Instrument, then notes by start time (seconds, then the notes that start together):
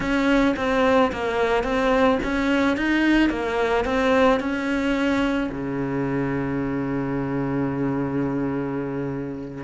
cello
0.00 C#4
0.56 C4
1.12 A#3
1.63 C4
2.23 C#4
2.76 D#4
3.29 A#3
3.84 C4
4.40 C#4
5.51 C#3